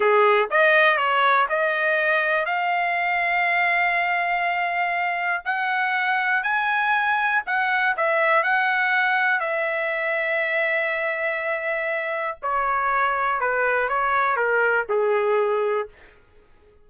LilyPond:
\new Staff \with { instrumentName = "trumpet" } { \time 4/4 \tempo 4 = 121 gis'4 dis''4 cis''4 dis''4~ | dis''4 f''2.~ | f''2. fis''4~ | fis''4 gis''2 fis''4 |
e''4 fis''2 e''4~ | e''1~ | e''4 cis''2 b'4 | cis''4 ais'4 gis'2 | }